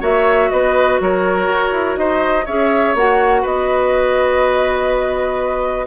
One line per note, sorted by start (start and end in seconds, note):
0.00 0.50 A#3
0.00 2.44 F#4
0.00 0.49 C#5
0.00 0.50 E5
0.50 1.00 B3
0.50 1.01 B4
0.50 0.99 D#5
1.00 1.47 F#3
1.00 1.99 A#4
1.00 1.97 C#5
1.47 1.71 F#4
1.71 1.96 E4
1.97 2.46 D#4
1.97 2.45 C5
1.97 2.46 D#5
2.45 2.94 C#4
2.45 2.97 G#4
2.45 3.41 C#5
2.45 2.95 E5
2.94 3.43 A#3
2.94 5.87 F#4
2.94 3.45 F#5
3.41 5.87 B3
3.41 5.85 B4
3.41 5.87 D#5